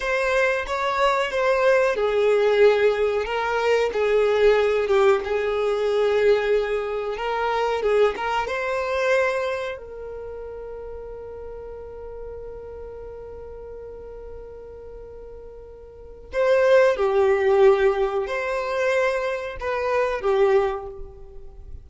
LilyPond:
\new Staff \with { instrumentName = "violin" } { \time 4/4 \tempo 4 = 92 c''4 cis''4 c''4 gis'4~ | gis'4 ais'4 gis'4. g'8 | gis'2. ais'4 | gis'8 ais'8 c''2 ais'4~ |
ais'1~ | ais'1~ | ais'4 c''4 g'2 | c''2 b'4 g'4 | }